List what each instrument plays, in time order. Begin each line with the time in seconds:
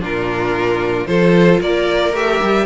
0.00 cello A#2, viola D4, violin F4 A#4
1.06 cello F3, viola F4, violin A4 C5
1.61 cello A#3, violin A#4 D5
2.13 cello A3, viola G4, violin E5
2.41 cello G3